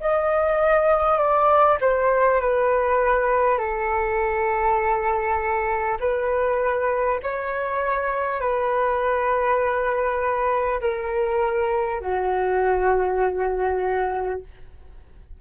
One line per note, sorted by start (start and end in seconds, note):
0.00 1.17 D#5
1.17 1.77 D5
1.81 2.41 C5
2.41 3.57 B4
3.57 5.97 A4
5.99 7.19 B4
7.22 8.40 C#5
8.40 10.80 B4
10.80 12.00 A#4
12.00 14.40 F#4